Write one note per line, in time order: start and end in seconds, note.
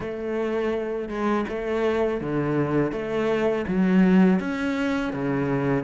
0.00 1.08 A3
1.08 1.45 G#3
1.48 2.21 A3
2.21 2.92 D3
2.92 3.65 A3
3.68 4.39 F#3
4.39 5.13 C#4
5.13 5.83 C#3